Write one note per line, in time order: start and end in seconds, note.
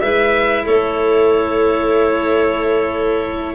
0.00 0.65 G#3
0.00 3.54 E4
0.00 0.64 B4
0.00 0.65 E5
0.64 3.54 A3
0.64 3.54 A4
0.64 3.54 C#5